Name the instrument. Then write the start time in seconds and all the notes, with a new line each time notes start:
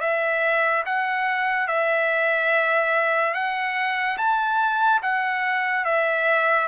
trumpet
0.00 E5
0.86 F#5
1.67 E5
3.34 F#5
4.17 A5
5.02 F#5
5.84 E5